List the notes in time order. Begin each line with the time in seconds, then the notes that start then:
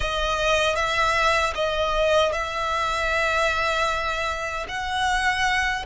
0.00 D#5
0.75 E5
1.54 D#5
2.32 E5
4.68 F#5